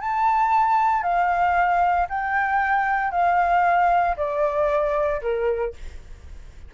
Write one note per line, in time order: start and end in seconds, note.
0.00 1.03 A5
1.03 2.07 F5
2.09 3.11 G5
3.11 4.15 F5
4.17 5.21 D5
5.21 5.73 A#4